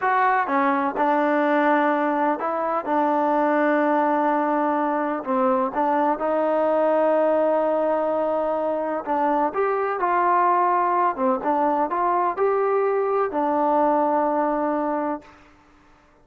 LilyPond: \new Staff \with { instrumentName = "trombone" } { \time 4/4 \tempo 4 = 126 fis'4 cis'4 d'2~ | d'4 e'4 d'2~ | d'2. c'4 | d'4 dis'2.~ |
dis'2. d'4 | g'4 f'2~ f'8 c'8 | d'4 f'4 g'2 | d'1 | }